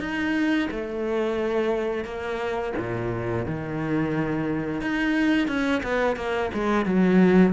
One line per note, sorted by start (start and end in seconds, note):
0.00 0.68 D#4
0.70 2.04 A3
2.04 2.72 A#3
2.77 3.45 A#2
3.45 4.81 D#3
4.81 5.47 D#4
5.47 5.81 C#4
5.83 6.15 B3
6.15 6.50 A#3
6.53 6.85 G#3
6.85 7.52 F#3